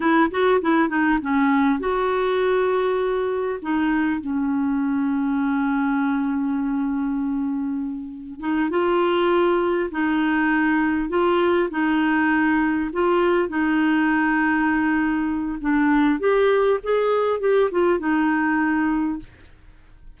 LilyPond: \new Staff \with { instrumentName = "clarinet" } { \time 4/4 \tempo 4 = 100 e'8 fis'8 e'8 dis'8 cis'4 fis'4~ | fis'2 dis'4 cis'4~ | cis'1~ | cis'2 dis'8 f'4.~ |
f'8 dis'2 f'4 dis'8~ | dis'4. f'4 dis'4.~ | dis'2 d'4 g'4 | gis'4 g'8 f'8 dis'2 | }